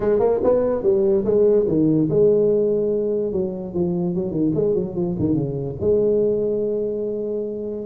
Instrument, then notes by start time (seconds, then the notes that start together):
tuba
0.00 G#3
0.19 A#3
0.43 B3
0.83 G3
1.24 G#3
1.67 D#3
2.10 G#3
3.32 F#3
3.74 F3
4.14 F#3
4.31 D#3
4.54 G#3
4.74 F#3
4.95 F3
5.19 D#3
5.34 C#3
5.80 G#3